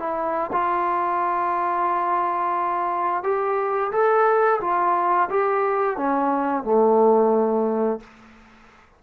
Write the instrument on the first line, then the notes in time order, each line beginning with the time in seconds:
trombone
0.00 E4
0.53 F4
3.24 G4
3.92 A4
4.61 F4
5.30 G4
5.97 C#4
6.64 A3